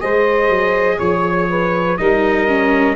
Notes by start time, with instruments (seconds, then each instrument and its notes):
0.00 tuba G#3, viola G#4, saxophone C5, trumpet D#5
0.49 tuba F#3
0.97 tuba F3, saxophone C#5, trumpet C#5
1.49 saxophone B4
1.97 tuba G3, viola D#4, saxophone A#4, trumpet D#5
2.48 viola C#4